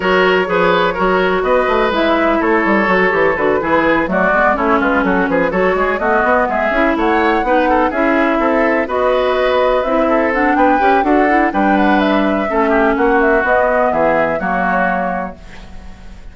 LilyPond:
<<
  \new Staff \with { instrumentName = "flute" } { \time 4/4 \tempo 4 = 125 cis''2. dis''4 | e''4 cis''2 b'4~ | b'8 d''4 cis''8 b'8 a'8 b'8 cis''8~ | cis''8 dis''4 e''4 fis''4.~ |
fis''8 e''2 dis''4.~ | dis''8 e''4 fis''8 g''4 fis''4 | g''8 fis''8 e''2 fis''8 e''8 | dis''4 e''4 cis''2 | }
  \new Staff \with { instrumentName = "oboe" } { \time 4/4 ais'4 b'4 ais'4 b'4~ | b'4 a'2~ a'8 gis'8~ | gis'8 fis'4 e'8 f'8 fis'8 gis'8 a'8 | gis'8 fis'4 gis'4 cis''4 b'8 |
a'8 gis'4 a'4 b'4.~ | b'4 a'4 b'4 a'4 | b'2 a'8 g'8 fis'4~ | fis'4 gis'4 fis'2 | }
  \new Staff \with { instrumentName = "clarinet" } { \time 4/4 fis'4 gis'4 fis'2 | e'2 fis'8 g'8 fis'8 e'8~ | e'8 a8 b8 cis'2 fis'8~ | fis'8 b4. e'4. dis'8~ |
dis'8 e'2 fis'4.~ | fis'8 e'4 d'4 g'8 fis'8 e'8 | d'2 cis'2 | b2 ais2 | }
  \new Staff \with { instrumentName = "bassoon" } { \time 4/4 fis4 f4 fis4 b8 a8 | gis4 a8 g8 fis8 e8 d8 e8~ | e8 fis8 gis8 a8 gis8 fis8 f8 fis8 | gis8 a8 b8 gis8 cis'8 a4 b8~ |
b8 cis'4 c'4 b4.~ | b8 c'4. b8 cis'8 d'4 | g2 a4 ais4 | b4 e4 fis2 | }
>>